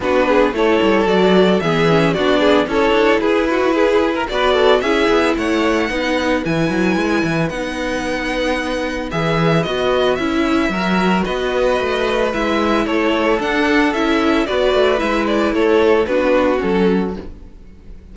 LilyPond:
<<
  \new Staff \with { instrumentName = "violin" } { \time 4/4 \tempo 4 = 112 b'4 cis''4 d''4 e''4 | d''4 cis''4 b'2 | d''4 e''4 fis''2 | gis''2 fis''2~ |
fis''4 e''4 dis''4 e''4~ | e''4 dis''2 e''4 | cis''4 fis''4 e''4 d''4 | e''8 d''8 cis''4 b'4 a'4 | }
  \new Staff \with { instrumentName = "violin" } { \time 4/4 fis'8 gis'8 a'2 gis'4 | fis'8 gis'8 a'4 gis'8 fis'8 gis'8. ais'16 | b'8 a'8 gis'4 cis''4 b'4~ | b'1~ |
b'1 | ais'4 b'2. | a'2. b'4~ | b'4 a'4 fis'2 | }
  \new Staff \with { instrumentName = "viola" } { \time 4/4 d'4 e'4 fis'4 b8 cis'8 | d'4 e'2. | fis'4 e'2 dis'4 | e'2 dis'2~ |
dis'4 gis'4 fis'4 e'4 | fis'2. e'4~ | e'4 d'4 e'4 fis'4 | e'2 d'4 cis'4 | }
  \new Staff \with { instrumentName = "cello" } { \time 4/4 b4 a8 g8 fis4 e4 | b4 cis'8 d'8 e'2 | b4 cis'8 b8 a4 b4 | e8 fis8 gis8 e8 b2~ |
b4 e4 b4 cis'4 | fis4 b4 a4 gis4 | a4 d'4 cis'4 b8 a8 | gis4 a4 b4 fis4 | }
>>